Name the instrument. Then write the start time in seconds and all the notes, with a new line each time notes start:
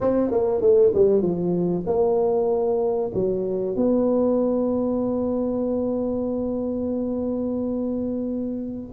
tuba
0.00 C4
0.31 A#3
0.61 A3
0.94 G3
1.22 F3
1.86 A#3
3.14 F#3
3.76 B3